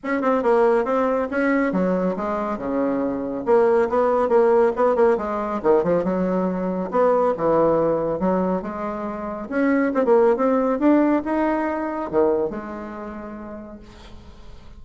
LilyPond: \new Staff \with { instrumentName = "bassoon" } { \time 4/4 \tempo 4 = 139 cis'8 c'8 ais4 c'4 cis'4 | fis4 gis4 cis2 | ais4 b4 ais4 b8 ais8 | gis4 dis8 f8 fis2 |
b4 e2 fis4 | gis2 cis'4 c'16 ais8. | c'4 d'4 dis'2 | dis4 gis2. | }